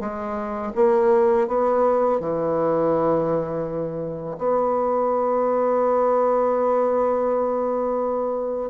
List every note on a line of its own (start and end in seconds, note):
0.00 0.72 G#3
0.75 1.48 A#3
1.48 2.20 B3
2.20 4.37 E3
4.38 8.70 B3